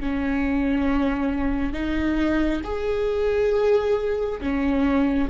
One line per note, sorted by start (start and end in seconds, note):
0.00 1.73 C#4
1.73 2.61 D#4
2.64 4.40 G#4
4.41 5.29 C#4